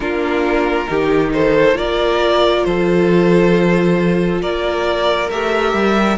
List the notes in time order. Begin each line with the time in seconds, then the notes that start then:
0.00 A#3 D4 F4 A#4
0.86 D#3 D#4 G4
1.33 A4 C5
1.74 A#3 F4 A#4 D5
2.64 F3 A4 C5
4.41 A#3 A#4 D5
5.30 A3 G4 E5
5.73 G3